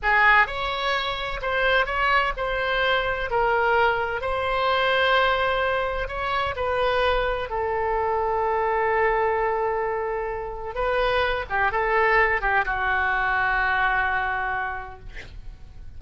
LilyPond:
\new Staff \with { instrumentName = "oboe" } { \time 4/4 \tempo 4 = 128 gis'4 cis''2 c''4 | cis''4 c''2 ais'4~ | ais'4 c''2.~ | c''4 cis''4 b'2 |
a'1~ | a'2. b'4~ | b'8 g'8 a'4. g'8 fis'4~ | fis'1 | }